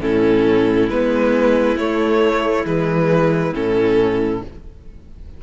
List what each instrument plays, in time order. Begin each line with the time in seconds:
0.00 cello A2, viola C#4, violin E4 A4
0.89 cello G#3, viola B3, violin B4
1.77 cello A3, viola A3, violin C#5
2.65 cello E3, viola G#3, violin B4
3.53 cello A2, viola C#4, violin A4